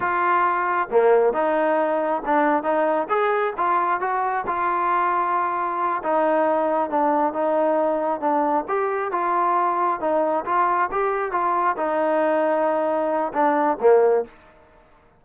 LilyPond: \new Staff \with { instrumentName = "trombone" } { \time 4/4 \tempo 4 = 135 f'2 ais4 dis'4~ | dis'4 d'4 dis'4 gis'4 | f'4 fis'4 f'2~ | f'4. dis'2 d'8~ |
d'8 dis'2 d'4 g'8~ | g'8 f'2 dis'4 f'8~ | f'8 g'4 f'4 dis'4.~ | dis'2 d'4 ais4 | }